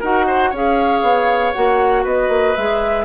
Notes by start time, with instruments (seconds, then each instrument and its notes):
0.00 bassoon D#4, clarinet F#4, oboe A#4, flute F#5
0.27 oboe C5
0.50 bassoon C#4, clarinet G#4, oboe C#5, flute F5
1.02 bassoon B3
1.53 bassoon A#3, clarinet F#4, flute F#5
2.03 bassoon B3, oboe B4, flute D#5
2.29 bassoon A#3
2.57 bassoon G#3, clarinet G#4, flute E5